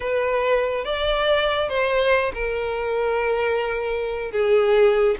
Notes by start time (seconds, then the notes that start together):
0.00 B4
0.84 D5
1.68 C5
2.34 A#4
4.31 G#4